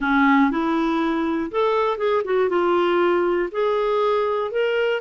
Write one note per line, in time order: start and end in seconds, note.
0.00 0.50 C#4
0.50 1.50 E4
1.51 1.97 A4
1.97 2.22 G#4
2.24 2.49 F#4
2.49 3.49 F4
3.51 4.51 G#4
4.51 5.01 A#4